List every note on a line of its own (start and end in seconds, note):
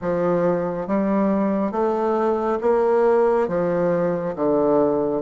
0.01 0.87 F3
0.87 1.72 G3
1.72 2.58 A3
2.61 3.47 A#3
3.47 4.34 F3
4.35 5.22 D3